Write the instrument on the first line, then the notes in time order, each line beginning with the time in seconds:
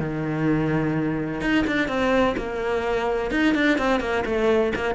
cello
0.00 D#3
1.42 D#4
1.68 D4
1.89 C4
2.38 A#3
3.32 D#4
3.55 D4
3.79 C4
4.01 A#3
4.26 A3
4.76 A#3